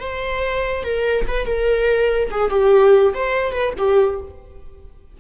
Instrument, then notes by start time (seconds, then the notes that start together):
viola
0.00 C5
0.84 A#4
1.28 B4
1.46 A#4
2.31 G#4
2.50 G4
3.14 C5
3.52 B4
3.78 G4